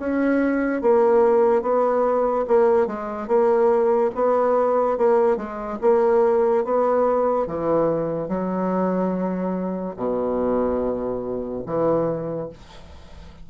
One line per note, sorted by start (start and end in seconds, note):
0.00 0.82 C#4
0.82 1.62 A#3
1.62 2.45 B3
2.48 2.87 A#3
2.87 3.28 G#3
3.28 4.11 A#3
4.15 4.98 B3
4.98 5.37 A#3
5.37 5.78 G#3
5.81 6.65 A#3
6.65 7.47 B3
7.47 8.29 E3
8.29 9.95 F#3
9.97 11.64 B2
11.66 12.50 E3